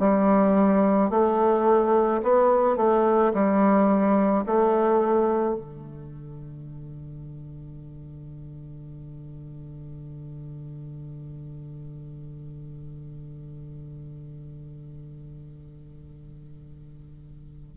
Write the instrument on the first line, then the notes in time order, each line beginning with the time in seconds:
bassoon
0.00 G3
1.11 A3
2.23 B3
2.77 A3
3.34 G3
4.47 A3
5.56 D3